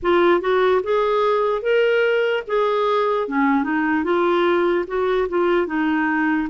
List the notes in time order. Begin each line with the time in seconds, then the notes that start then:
0.02 F4
0.41 F#4
0.83 G#4
1.62 A#4
2.47 G#4
3.28 C#4
3.63 D#4
4.04 F4
4.87 F#4
5.29 F4
5.66 D#4